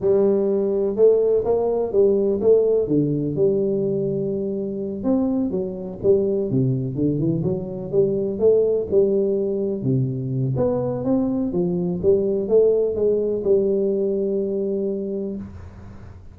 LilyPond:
\new Staff \with { instrumentName = "tuba" } { \time 4/4 \tempo 4 = 125 g2 a4 ais4 | g4 a4 d4 g4~ | g2~ g8 c'4 fis8~ | fis8 g4 c4 d8 e8 fis8~ |
fis8 g4 a4 g4.~ | g8 c4. b4 c'4 | f4 g4 a4 gis4 | g1 | }